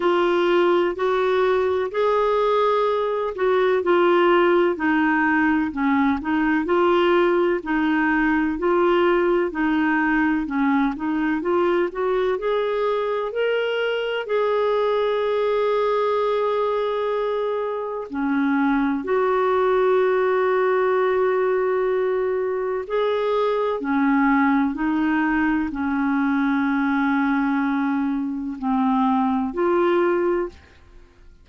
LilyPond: \new Staff \with { instrumentName = "clarinet" } { \time 4/4 \tempo 4 = 63 f'4 fis'4 gis'4. fis'8 | f'4 dis'4 cis'8 dis'8 f'4 | dis'4 f'4 dis'4 cis'8 dis'8 | f'8 fis'8 gis'4 ais'4 gis'4~ |
gis'2. cis'4 | fis'1 | gis'4 cis'4 dis'4 cis'4~ | cis'2 c'4 f'4 | }